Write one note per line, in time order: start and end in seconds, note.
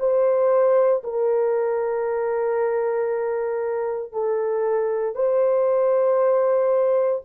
0.00 1.03 C5
1.04 4.13 A#4
4.13 5.16 A4
5.16 7.23 C5